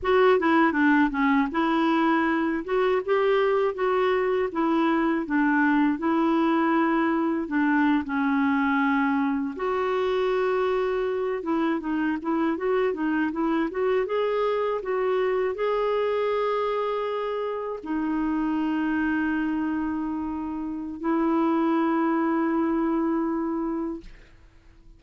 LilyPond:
\new Staff \with { instrumentName = "clarinet" } { \time 4/4 \tempo 4 = 80 fis'8 e'8 d'8 cis'8 e'4. fis'8 | g'4 fis'4 e'4 d'4 | e'2 d'8. cis'4~ cis'16~ | cis'8. fis'2~ fis'8 e'8 dis'16~ |
dis'16 e'8 fis'8 dis'8 e'8 fis'8 gis'4 fis'16~ | fis'8. gis'2. dis'16~ | dis'1 | e'1 | }